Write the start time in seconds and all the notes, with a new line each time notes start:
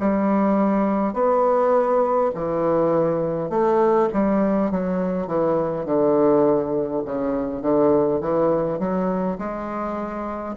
0.00 G3
1.13 B3
2.34 E3
3.50 A3
4.13 G3
4.71 F#3
5.27 E3
5.85 D3
7.05 C#3
7.61 D3
8.20 E3
8.79 F#3
9.38 G#3